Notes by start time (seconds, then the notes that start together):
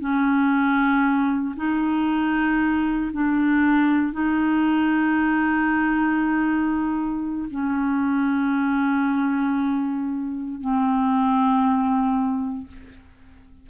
0.00 C#4
1.56 D#4
3.13 D4
4.13 D#4
7.50 C#4
10.60 C4